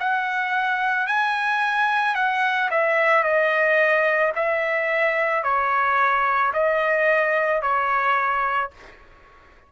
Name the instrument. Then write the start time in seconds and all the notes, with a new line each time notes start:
trumpet
0.00 F#5
1.08 G#5
2.15 F#5
2.71 E5
3.24 D#5
4.36 E5
5.44 C#5
6.54 D#5
7.62 C#5